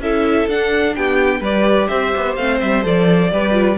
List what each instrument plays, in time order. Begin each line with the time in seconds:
0.00 cello C#4, viola E4, violin A4 E5
0.48 cello D4, viola D4, violin F#5
0.96 cello B3, violin G4 G5
1.41 cello G3, viola G4, violin B4 D5
1.88 cello C4, violin C5 E5
2.17 cello B3
2.36 cello A3, viola C4, violin F5
2.61 cello G3, violin E5
2.83 cello F3, viola A4, violin D5
3.32 cello G3, viola G4, violin B4
3.52 viola F4